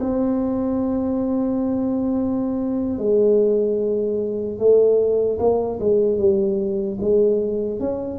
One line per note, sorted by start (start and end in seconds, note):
0.00 2.99 C4
2.99 4.58 G#3
4.58 5.38 A3
5.39 5.79 A#3
5.80 6.18 G#3
6.18 6.98 G3
7.00 7.80 G#3
7.80 8.19 C#4